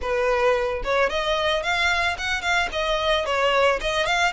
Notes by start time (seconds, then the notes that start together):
0.01 B4
0.84 C#5
1.09 D#5
1.62 F5
2.17 F#5
2.41 F5
2.72 D#5
3.25 C#5
3.80 D#5
4.05 F5